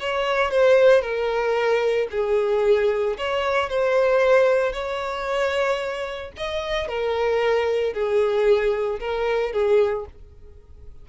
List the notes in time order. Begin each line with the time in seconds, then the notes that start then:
0.00 C#5
0.51 C5
1.02 A#4
2.11 G#4
3.18 C#5
3.70 C5
4.73 C#5
6.37 D#5
6.88 A#4
7.93 G#4
9.00 A#4
9.53 G#4